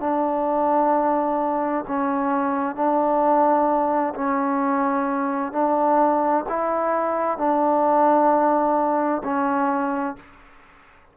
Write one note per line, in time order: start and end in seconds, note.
0.00 1.85 D4
1.88 2.75 C#4
2.75 4.13 D4
4.15 5.52 C#4
5.52 6.44 D4
6.49 7.38 E4
7.38 9.22 D4
9.23 10.16 C#4